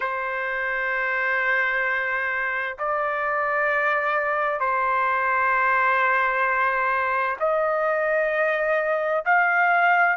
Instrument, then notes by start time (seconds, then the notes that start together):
trumpet
0.00 C5
2.78 D5
4.59 C5
7.39 D#5
9.25 F5